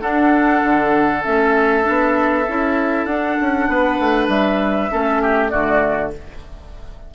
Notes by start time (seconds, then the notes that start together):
0.00 D4 A4 F#5
0.63 D3
1.23 A3 C#4 E5
1.83 B3 D4
2.47 C#4 E4
3.05 D4 F#5
3.40 C#4
3.68 B3 B4
3.99 A3
4.28 G3 E5
4.90 A3 C#4 A4
5.22 G4
5.49 D3 A3 F#4 D5